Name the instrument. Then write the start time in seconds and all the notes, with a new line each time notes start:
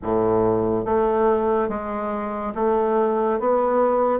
bassoon
0.02 A2
0.85 A3
1.68 G#3
2.55 A3
3.39 B3